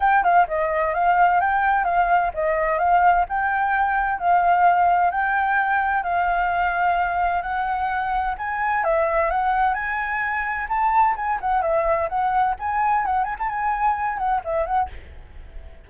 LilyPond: \new Staff \with { instrumentName = "flute" } { \time 4/4 \tempo 4 = 129 g''8 f''8 dis''4 f''4 g''4 | f''4 dis''4 f''4 g''4~ | g''4 f''2 g''4~ | g''4 f''2. |
fis''2 gis''4 e''4 | fis''4 gis''2 a''4 | gis''8 fis''8 e''4 fis''4 gis''4 | fis''8 gis''16 a''16 gis''4. fis''8 e''8 fis''8 | }